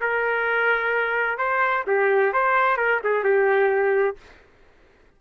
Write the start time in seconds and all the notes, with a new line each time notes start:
0.00 A#4
1.37 C5
1.86 G4
2.33 C5
2.77 A#4
3.03 G#4
3.23 G4